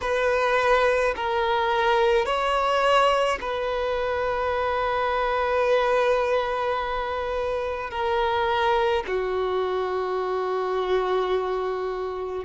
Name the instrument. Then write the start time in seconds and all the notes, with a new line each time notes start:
violin
0.01 B4
1.16 A#4
2.25 C#5
3.40 B4
7.90 A#4
9.07 F#4